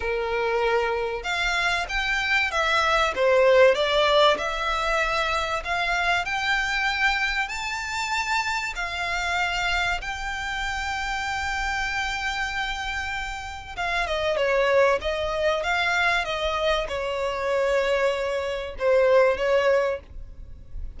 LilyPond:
\new Staff \with { instrumentName = "violin" } { \time 4/4 \tempo 4 = 96 ais'2 f''4 g''4 | e''4 c''4 d''4 e''4~ | e''4 f''4 g''2 | a''2 f''2 |
g''1~ | g''2 f''8 dis''8 cis''4 | dis''4 f''4 dis''4 cis''4~ | cis''2 c''4 cis''4 | }